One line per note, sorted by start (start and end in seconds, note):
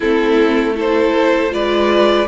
0.00 1.53 A3
0.00 0.74 C4
0.00 0.74 E4
0.00 0.76 A4
0.74 1.49 E4
0.74 1.51 A4
0.74 1.53 C5
1.49 2.27 G#3
1.49 2.25 F4
1.49 2.27 B4
1.49 2.27 D5